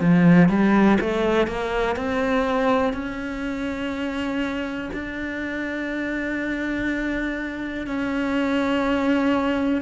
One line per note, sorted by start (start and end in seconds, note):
0.00 0.49 F3
0.49 0.98 G3
1.00 1.47 A3
1.47 1.96 A#3
1.96 2.93 C4
2.93 4.90 C#4
4.93 7.87 D4
7.87 9.81 C#4